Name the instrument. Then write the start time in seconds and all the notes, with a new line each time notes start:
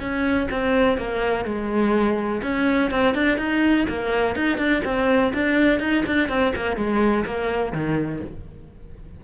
cello
0.00 C#4
0.51 C4
0.98 A#3
1.45 G#3
2.43 C#4
2.91 C4
3.15 D4
3.38 D#4
3.89 A#3
4.36 D#4
4.58 D4
4.85 C4
5.34 D4
5.80 D#4
6.06 D4
6.29 C4
6.56 A#3
6.77 G#3
7.25 A#3
7.73 D#3